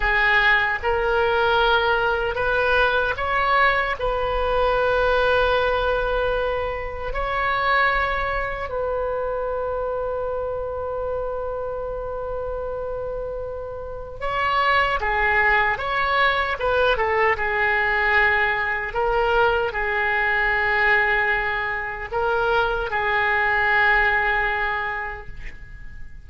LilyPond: \new Staff \with { instrumentName = "oboe" } { \time 4/4 \tempo 4 = 76 gis'4 ais'2 b'4 | cis''4 b'2.~ | b'4 cis''2 b'4~ | b'1~ |
b'2 cis''4 gis'4 | cis''4 b'8 a'8 gis'2 | ais'4 gis'2. | ais'4 gis'2. | }